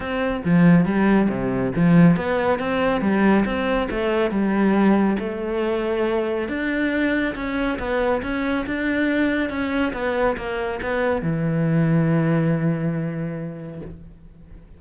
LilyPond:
\new Staff \with { instrumentName = "cello" } { \time 4/4 \tempo 4 = 139 c'4 f4 g4 c4 | f4 b4 c'4 g4 | c'4 a4 g2 | a2. d'4~ |
d'4 cis'4 b4 cis'4 | d'2 cis'4 b4 | ais4 b4 e2~ | e1 | }